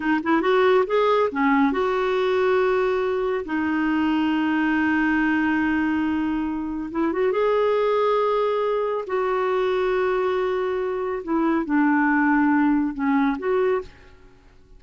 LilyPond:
\new Staff \with { instrumentName = "clarinet" } { \time 4/4 \tempo 4 = 139 dis'8 e'8 fis'4 gis'4 cis'4 | fis'1 | dis'1~ | dis'1 |
e'8 fis'8 gis'2.~ | gis'4 fis'2.~ | fis'2 e'4 d'4~ | d'2 cis'4 fis'4 | }